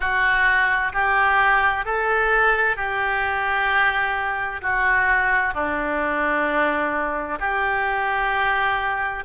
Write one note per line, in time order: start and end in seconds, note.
0.00 0.92 F#4
0.92 1.85 G4
1.85 2.76 A4
2.76 4.61 G4
4.62 5.54 F#4
5.54 7.38 D4
7.39 9.23 G4